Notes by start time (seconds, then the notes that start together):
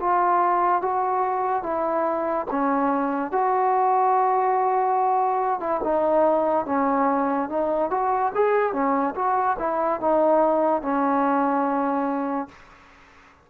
0.00 F4
0.82 F#4
1.63 E4
2.51 C#4
3.32 F#4
5.60 E4
5.84 D#4
6.66 C#4
7.49 D#4
7.91 F#4
8.35 G#4
8.73 C#4
9.16 F#4
9.59 E4
10.00 D#4
10.82 C#4